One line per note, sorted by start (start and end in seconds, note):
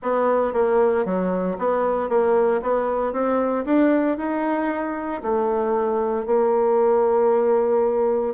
0.02 0.53 B3
0.53 1.05 A#3
1.05 1.57 F#3
1.58 2.09 B3
2.09 2.61 A#3
2.62 3.12 B3
3.12 3.65 C4
3.65 4.17 D4
4.17 5.22 D#4
5.22 6.26 A3
6.26 8.34 A#3